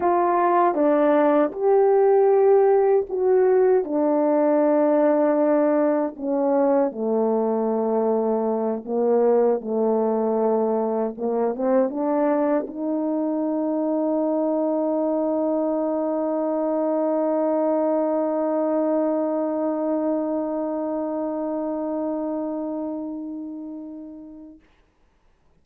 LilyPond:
\new Staff \with { instrumentName = "horn" } { \time 4/4 \tempo 4 = 78 f'4 d'4 g'2 | fis'4 d'2. | cis'4 a2~ a8 ais8~ | ais8 a2 ais8 c'8 d'8~ |
d'8 dis'2.~ dis'8~ | dis'1~ | dis'1~ | dis'1 | }